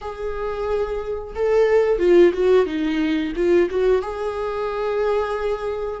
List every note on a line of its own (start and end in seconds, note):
0.01 1.34 G#4
1.35 1.98 A4
1.98 2.32 F4
2.33 2.65 F#4
2.65 3.32 D#4
3.35 3.69 F4
3.70 4.02 F#4
4.02 6.00 G#4